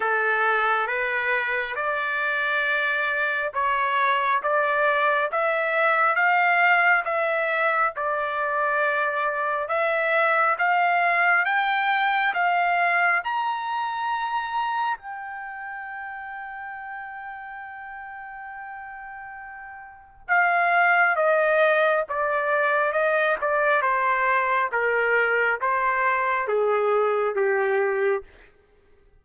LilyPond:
\new Staff \with { instrumentName = "trumpet" } { \time 4/4 \tempo 4 = 68 a'4 b'4 d''2 | cis''4 d''4 e''4 f''4 | e''4 d''2 e''4 | f''4 g''4 f''4 ais''4~ |
ais''4 g''2.~ | g''2. f''4 | dis''4 d''4 dis''8 d''8 c''4 | ais'4 c''4 gis'4 g'4 | }